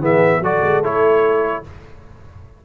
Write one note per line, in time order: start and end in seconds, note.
0.00 0.40 E3
0.00 0.41 B3
0.00 0.41 G#4
0.00 0.44 E5
0.40 0.60 F#3
0.40 0.83 F#4
0.40 1.61 A4
0.40 0.84 D5
0.61 0.81 G#3
0.81 1.61 A3
0.81 1.64 E4
0.81 1.65 C#5